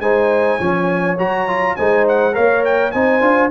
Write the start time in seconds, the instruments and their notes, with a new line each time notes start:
0.00 tuba G#3, trombone D#4, horn C5, trumpet G#5
0.58 tuba F3, trombone C#4, horn C#5
1.18 tuba F#3, trombone F#4, trumpet A#5
1.48 trombone F4
1.76 tuba G#3, trombone D#4, horn C5, trumpet G#5
2.08 trumpet F#5
2.33 tuba A#3, trombone A#4, horn C#5, trumpet F5
2.65 trumpet G5
2.92 tuba C4, trombone D#4, horn C5, trumpet G#5
3.21 tuba D4, trombone F4